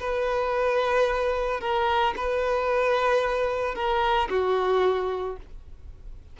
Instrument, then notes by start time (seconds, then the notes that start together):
violin
0.00 B4
1.61 A#4
2.17 B4
3.75 A#4
4.30 F#4